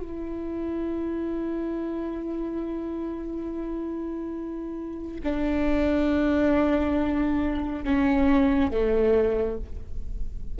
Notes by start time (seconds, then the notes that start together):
0.00 E4
5.23 D4
7.84 C#4
8.71 A3